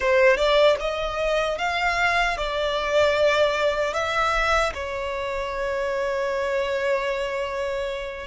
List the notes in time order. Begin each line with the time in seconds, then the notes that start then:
0.00 C5
0.36 D5
0.80 D#5
1.58 F5
2.37 D5
3.93 E5
4.74 C#5